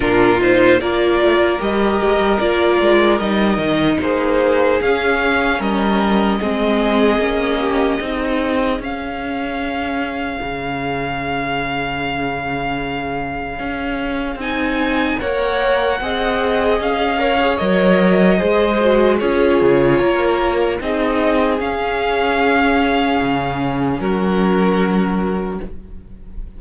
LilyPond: <<
  \new Staff \with { instrumentName = "violin" } { \time 4/4 \tempo 4 = 75 ais'8 c''8 d''4 dis''4 d''4 | dis''4 c''4 f''4 dis''4~ | dis''2. f''4~ | f''1~ |
f''2 gis''4 fis''4~ | fis''4 f''4 dis''2 | cis''2 dis''4 f''4~ | f''2 ais'2 | }
  \new Staff \with { instrumentName = "violin" } { \time 4/4 f'4 ais'2.~ | ais'4 gis'2 ais'4 | gis'4. g'8 gis'2~ | gis'1~ |
gis'2. cis''4 | dis''4. cis''4. c''4 | gis'4 ais'4 gis'2~ | gis'2 fis'2 | }
  \new Staff \with { instrumentName = "viola" } { \time 4/4 d'8 dis'8 f'4 g'4 f'4 | dis'2 cis'2 | c'4 cis'4 dis'4 cis'4~ | cis'1~ |
cis'2 dis'4 ais'4 | gis'4. ais'16 gis'16 ais'4 gis'8 fis'8 | f'2 dis'4 cis'4~ | cis'1 | }
  \new Staff \with { instrumentName = "cello" } { \time 4/4 ais,4 ais8 a16 ais16 g8 gis16 g16 ais8 gis8 | g8 dis8 ais4 cis'4 g4 | gis4 ais4 c'4 cis'4~ | cis'4 cis2.~ |
cis4 cis'4 c'4 ais4 | c'4 cis'4 fis4 gis4 | cis'8 cis8 ais4 c'4 cis'4~ | cis'4 cis4 fis2 | }
>>